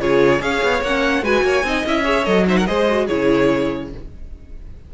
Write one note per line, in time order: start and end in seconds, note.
0.00 0.41 C#3
0.00 0.40 F4
0.00 0.42 G#4
0.00 0.42 C#5
0.40 0.62 C#4
0.40 0.81 G#4
0.40 1.24 C#5
0.40 0.83 F5
0.63 0.83 B3
0.83 1.22 A#3
0.83 1.23 C#4
0.83 1.25 F#5
1.22 1.43 G#3
1.22 1.64 F#4
1.22 1.44 B4
1.22 1.86 G#5
1.43 1.64 A#3
1.43 1.66 C#5
1.64 1.84 C4
1.64 1.86 D#4
1.64 2.04 D#5
1.86 2.27 C#4
1.86 2.04 E4
1.86 2.25 E5
2.04 2.25 G#4
2.04 2.45 C#5
2.25 2.68 F#3
2.25 2.46 A4
2.25 2.46 D#5
2.47 2.67 D#4
2.47 2.59 C5
2.47 2.57 E5
2.57 2.68 A#4
2.57 2.66 F#5
2.66 3.10 G#3
2.66 2.88 G#4
2.66 3.06 C5
2.66 3.08 D#5
2.89 3.09 F#4
3.06 3.94 C#3
3.06 3.91 E4
3.06 3.88 G#4
3.06 3.90 C#5